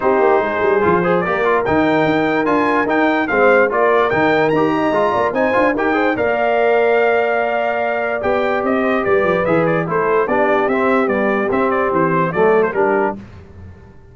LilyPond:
<<
  \new Staff \with { instrumentName = "trumpet" } { \time 4/4 \tempo 4 = 146 c''2. d''4 | g''2 gis''4 g''4 | f''4 d''4 g''4 ais''4~ | ais''4 gis''4 g''4 f''4~ |
f''1 | g''4 dis''4 d''4 e''8 d''8 | c''4 d''4 e''4 d''4 | e''8 d''8 c''4 d''8. c''16 ais'4 | }
  \new Staff \with { instrumentName = "horn" } { \time 4/4 g'4 gis'4. c''8 ais'4~ | ais'1 | c''4 ais'2~ ais'8 dis''8~ | dis''8 d''8 c''4 ais'8 c''8 d''4~ |
d''1~ | d''4. c''8 b'2 | a'4 g'2.~ | g'2 a'4 g'4 | }
  \new Staff \with { instrumentName = "trombone" } { \time 4/4 dis'2 f'8 gis'8 g'8 f'8 | dis'2 f'4 dis'4 | c'4 f'4 dis'4 g'4 | f'4 dis'8 f'8 g'8 gis'8 ais'4~ |
ais'1 | g'2. gis'4 | e'4 d'4 c'4 g4 | c'2 a4 d'4 | }
  \new Staff \with { instrumentName = "tuba" } { \time 4/4 c'8 ais8 gis8 g8 f4 ais4 | dis4 dis'4 d'4 dis'4 | gis4 ais4 dis4 dis'4 | gis8 ais8 c'8 d'8 dis'4 ais4~ |
ais1 | b4 c'4 g8 f8 e4 | a4 b4 c'4 b4 | c'4 e4 fis4 g4 | }
>>